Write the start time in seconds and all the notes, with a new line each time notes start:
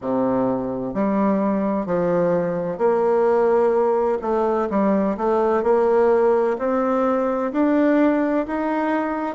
0.01 C3
0.94 G3
1.86 F3
2.77 A#3
4.21 A3
4.70 G3
5.17 A3
5.63 A#3
6.58 C4
7.52 D4
8.46 D#4